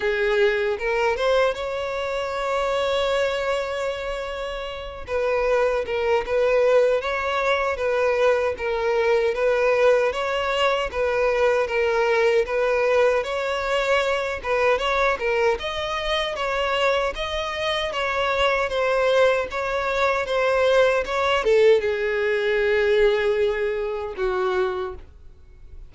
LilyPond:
\new Staff \with { instrumentName = "violin" } { \time 4/4 \tempo 4 = 77 gis'4 ais'8 c''8 cis''2~ | cis''2~ cis''8 b'4 ais'8 | b'4 cis''4 b'4 ais'4 | b'4 cis''4 b'4 ais'4 |
b'4 cis''4. b'8 cis''8 ais'8 | dis''4 cis''4 dis''4 cis''4 | c''4 cis''4 c''4 cis''8 a'8 | gis'2. fis'4 | }